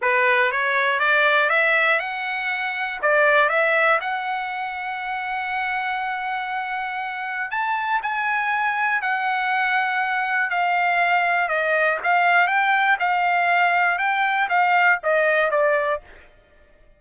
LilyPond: \new Staff \with { instrumentName = "trumpet" } { \time 4/4 \tempo 4 = 120 b'4 cis''4 d''4 e''4 | fis''2 d''4 e''4 | fis''1~ | fis''2. a''4 |
gis''2 fis''2~ | fis''4 f''2 dis''4 | f''4 g''4 f''2 | g''4 f''4 dis''4 d''4 | }